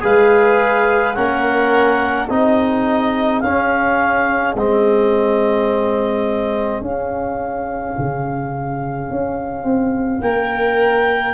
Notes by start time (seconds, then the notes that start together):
0.00 G#3 G#4 B4 F5
1.14 A#3 C#4 A#4 F#5
2.28 C4 D#4 G#4 D#5
3.40 C#4 F5
4.54 G#3 C4 D#5
6.81 C#4 F5
7.98 C#3
9.10 C#4
9.63 C4
10.21 A#3 A#4 G5